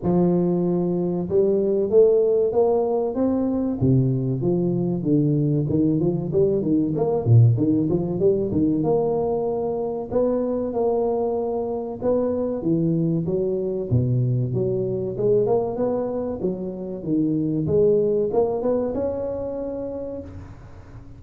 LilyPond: \new Staff \with { instrumentName = "tuba" } { \time 4/4 \tempo 4 = 95 f2 g4 a4 | ais4 c'4 c4 f4 | d4 dis8 f8 g8 dis8 ais8 ais,8 | dis8 f8 g8 dis8 ais2 |
b4 ais2 b4 | e4 fis4 b,4 fis4 | gis8 ais8 b4 fis4 dis4 | gis4 ais8 b8 cis'2 | }